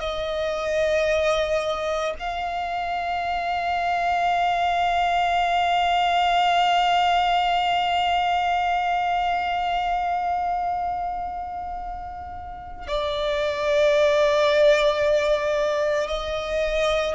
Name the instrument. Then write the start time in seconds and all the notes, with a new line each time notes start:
violin
0.00 D#5
2.19 F5
12.88 D5
16.08 D#5